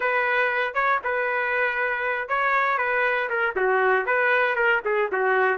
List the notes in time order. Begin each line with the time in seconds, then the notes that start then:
0.00 B4
0.74 C#5
1.04 B4
2.28 C#5
2.78 B4
3.29 A#4
3.55 F#4
4.05 B4
4.55 A#4
4.84 G#4
5.12 F#4